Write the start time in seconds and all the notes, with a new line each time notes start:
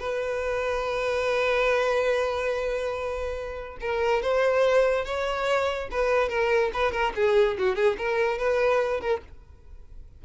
0.00 B4
3.81 A#4
4.22 C5
5.05 C#5
5.91 B4
6.29 A#4
6.74 B4
6.92 A#4
7.16 G#4
7.58 F#4
7.76 G#4
7.98 A#4
8.38 B4
9.01 A#4